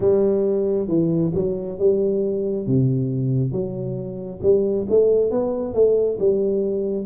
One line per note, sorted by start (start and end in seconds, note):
0.00 0.87 G3
0.87 1.32 E3
1.34 1.78 F#3
1.78 2.66 G3
2.66 3.52 C3
3.52 4.40 F#3
4.42 4.86 G3
4.89 5.30 A3
5.30 5.74 B3
5.74 6.18 A3
6.19 7.06 G3